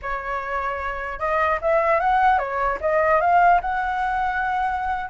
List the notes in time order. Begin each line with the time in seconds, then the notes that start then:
0.02 C#5
1.19 D#5
1.61 E5
2.00 F#5
2.38 C#5
2.81 D#5
3.20 F5
3.61 F#5